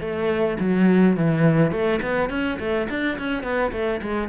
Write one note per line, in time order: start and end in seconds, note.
0.00 0.57 A3
0.59 1.16 F#3
1.16 1.71 E3
1.71 2.00 A3
2.02 2.29 B3
2.29 2.58 C#4
2.59 2.88 A3
2.89 3.18 D4
3.18 3.43 C#4
3.43 3.71 B3
3.72 4.01 A3
4.01 4.28 G#3